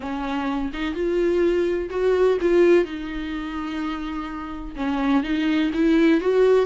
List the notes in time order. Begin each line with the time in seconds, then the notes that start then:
0.00 C#4
0.73 D#4
0.94 F4
1.90 F#4
2.41 F4
2.84 D#4
4.76 C#4
5.23 D#4
5.73 E4
6.21 F#4